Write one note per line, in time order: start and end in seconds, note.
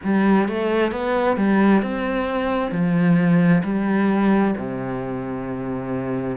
0.03 0.48 G3
0.48 0.91 A3
0.91 1.36 B3
1.36 1.82 G3
1.82 2.71 C4
2.71 3.62 F3
3.63 4.54 G3
4.57 6.37 C3